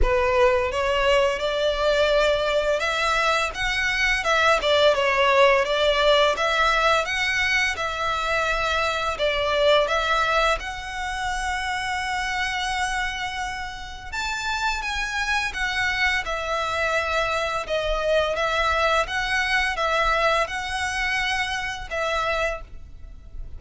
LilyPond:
\new Staff \with { instrumentName = "violin" } { \time 4/4 \tempo 4 = 85 b'4 cis''4 d''2 | e''4 fis''4 e''8 d''8 cis''4 | d''4 e''4 fis''4 e''4~ | e''4 d''4 e''4 fis''4~ |
fis''1 | a''4 gis''4 fis''4 e''4~ | e''4 dis''4 e''4 fis''4 | e''4 fis''2 e''4 | }